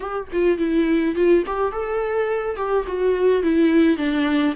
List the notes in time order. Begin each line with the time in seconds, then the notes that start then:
0.00 G4
0.32 F4
0.58 E4
1.15 F4
1.46 G4
1.71 A4
2.56 G4
2.87 F#4
3.42 E4
3.97 D4